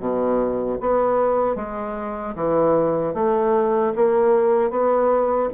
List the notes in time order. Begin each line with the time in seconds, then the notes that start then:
0.00 B2
0.81 B3
1.56 G#3
2.35 E3
3.14 A3
3.96 A#3
4.70 B3